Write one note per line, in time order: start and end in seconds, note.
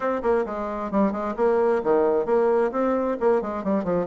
0.00 0.21 C4
0.22 0.45 A#3
0.45 0.91 G#3
0.91 1.12 G3
1.12 1.34 G#3
1.36 1.82 A#3
1.83 2.25 D#3
2.25 2.71 A#3
2.71 3.17 C4
3.19 3.41 A#3
3.41 3.64 G#3
3.64 3.83 G3
3.83 4.06 F3